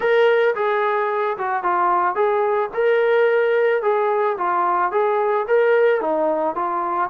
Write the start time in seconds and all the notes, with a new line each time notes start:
0.00 A#4
0.55 G#4
1.37 F#4
1.63 F4
2.15 G#4
2.73 A#4
3.82 G#4
4.37 F4
4.91 G#4
5.47 A#4
6.00 D#4
6.55 F4